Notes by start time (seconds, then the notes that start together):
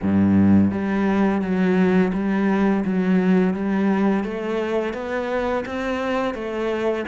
0.02 G2
0.71 G3
1.41 F#3
2.13 G3
2.84 F#3
3.54 G3
4.24 A3
4.93 B3
5.65 C4
6.34 A3